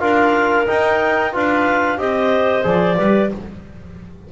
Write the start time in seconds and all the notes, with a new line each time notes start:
0.00 D4 F4 A#4 F5
0.67 D#4 G5
1.33 D4 F4 B4 F5
1.98 C4 G4 C5 D#5
2.64 F3 G#4 D5
2.97 G3 G4 B4